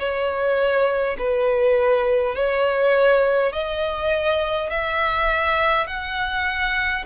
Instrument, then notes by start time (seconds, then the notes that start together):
violin
0.00 C#5
1.19 B4
2.36 C#5
3.53 D#5
4.71 E5
5.88 F#5